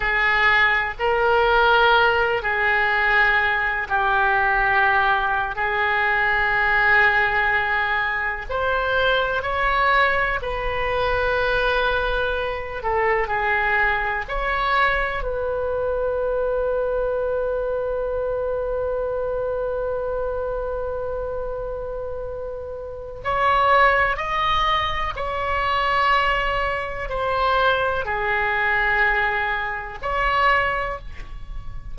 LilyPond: \new Staff \with { instrumentName = "oboe" } { \time 4/4 \tempo 4 = 62 gis'4 ais'4. gis'4. | g'4.~ g'16 gis'2~ gis'16~ | gis'8. c''4 cis''4 b'4~ b'16~ | b'4~ b'16 a'8 gis'4 cis''4 b'16~ |
b'1~ | b'1 | cis''4 dis''4 cis''2 | c''4 gis'2 cis''4 | }